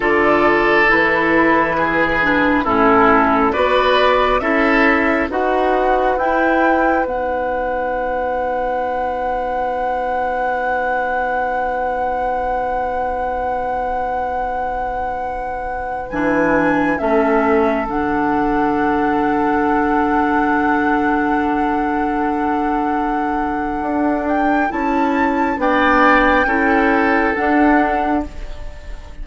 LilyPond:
<<
  \new Staff \with { instrumentName = "flute" } { \time 4/4 \tempo 4 = 68 d''4 b'2 a'4 | d''4 e''4 fis''4 g''4 | fis''1~ | fis''1~ |
fis''2~ fis''16 gis''4 e''8.~ | e''16 fis''2.~ fis''8.~ | fis''2.~ fis''8 g''8 | a''4 g''2 fis''4 | }
  \new Staff \with { instrumentName = "oboe" } { \time 4/4 a'2 gis'4 e'4 | b'4 a'4 b'2~ | b'1~ | b'1~ |
b'2.~ b'16 a'8.~ | a'1~ | a'1~ | a'4 d''4 a'2 | }
  \new Staff \with { instrumentName = "clarinet" } { \time 4/4 f'4 e'4. d'8 cis'4 | fis'4 e'4 fis'4 e'4 | dis'1~ | dis'1~ |
dis'2~ dis'16 d'4 cis'8.~ | cis'16 d'2.~ d'8.~ | d'1 | e'4 d'4 e'4 d'4 | }
  \new Staff \with { instrumentName = "bassoon" } { \time 4/4 d4 e2 a,4 | b4 cis'4 dis'4 e'4 | b1~ | b1~ |
b2~ b16 e4 a8.~ | a16 d2.~ d8.~ | d2. d'4 | cis'4 b4 cis'4 d'4 | }
>>